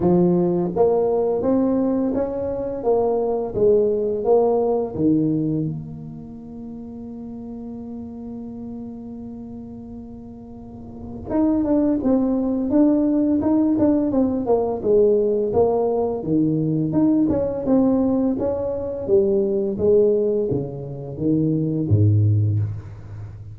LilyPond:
\new Staff \with { instrumentName = "tuba" } { \time 4/4 \tempo 4 = 85 f4 ais4 c'4 cis'4 | ais4 gis4 ais4 dis4 | ais1~ | ais1 |
dis'8 d'8 c'4 d'4 dis'8 d'8 | c'8 ais8 gis4 ais4 dis4 | dis'8 cis'8 c'4 cis'4 g4 | gis4 cis4 dis4 gis,4 | }